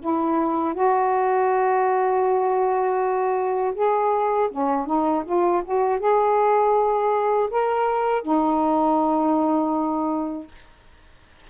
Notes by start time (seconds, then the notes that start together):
0.00 E4
0.74 F#4
3.74 G#4
4.51 C#4
4.86 D#4
5.25 F4
5.64 F#4
5.99 G#4
7.50 A#4
8.23 D#4